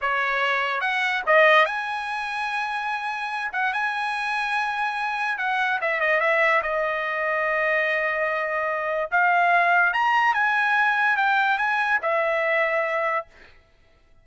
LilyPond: \new Staff \with { instrumentName = "trumpet" } { \time 4/4 \tempo 4 = 145 cis''2 fis''4 dis''4 | gis''1~ | gis''8 fis''8 gis''2.~ | gis''4 fis''4 e''8 dis''8 e''4 |
dis''1~ | dis''2 f''2 | ais''4 gis''2 g''4 | gis''4 e''2. | }